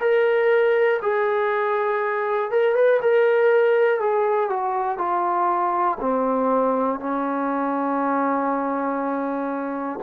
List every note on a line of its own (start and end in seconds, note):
0.00 1.00 A#4
1.02 2.51 G#4
2.51 2.75 A#4
2.75 3.00 B4
3.01 4.00 A#4
4.00 4.50 G#4
4.50 4.98 F#4
4.98 5.98 F4
6.00 7.00 C4
7.00 10.00 C#4